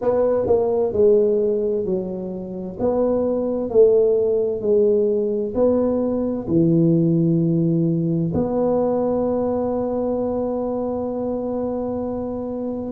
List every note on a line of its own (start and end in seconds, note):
0.01 0.46 B3
0.46 0.92 A#3
0.92 1.85 G#3
1.85 2.77 F#3
2.79 3.69 B3
3.69 4.61 A3
4.61 5.53 G#3
5.54 6.46 B3
6.47 8.32 E3
8.34 12.91 B3